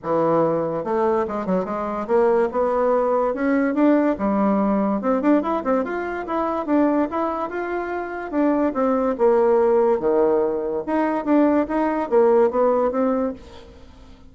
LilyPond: \new Staff \with { instrumentName = "bassoon" } { \time 4/4 \tempo 4 = 144 e2 a4 gis8 fis8 | gis4 ais4 b2 | cis'4 d'4 g2 | c'8 d'8 e'8 c'8 f'4 e'4 |
d'4 e'4 f'2 | d'4 c'4 ais2 | dis2 dis'4 d'4 | dis'4 ais4 b4 c'4 | }